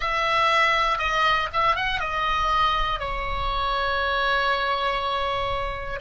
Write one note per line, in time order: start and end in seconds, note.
0.00 0.98 E5
0.98 1.48 D#5
1.53 1.75 E5
1.75 2.00 F#5
2.00 2.99 D#5
2.99 5.99 C#5